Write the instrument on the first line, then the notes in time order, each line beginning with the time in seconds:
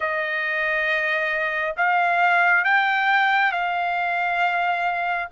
trumpet
0.00 D#5
1.76 F5
2.64 G5
3.52 F5